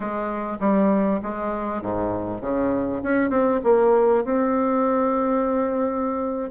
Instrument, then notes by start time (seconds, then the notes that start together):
bassoon
0.00 G#3
0.60 G3
1.22 G#3
1.81 G#2
2.41 C#3
3.02 C#4
3.30 C4
3.63 A#3
4.24 C4